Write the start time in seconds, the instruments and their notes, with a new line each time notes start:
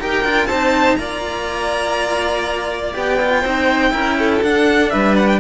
0.00 cello D#4 G4, violin A#4 G5
0.24 cello D4 F4
0.46 cello C4 D#4, violin C5 A5
0.96 cello A#3 F4, violin D5 A#5
2.94 cello B3 G4, violin G5
3.20 cello F4
3.40 cello C4 D#4, violin C5
3.91 cello C#4 E4, violin A#4
4.19 violin A4
4.42 cello D4, violin F#5
4.90 cello G3, violin B4 E5
5.16 violin F#5
5.27 violin G5